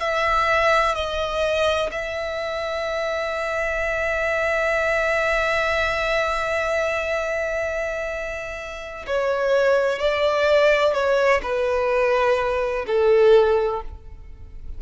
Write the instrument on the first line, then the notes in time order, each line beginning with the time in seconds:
violin
0.00 E5
0.95 D#5
1.91 E5
9.06 C#5
9.99 D5
10.93 C#5
11.43 B4
12.87 A4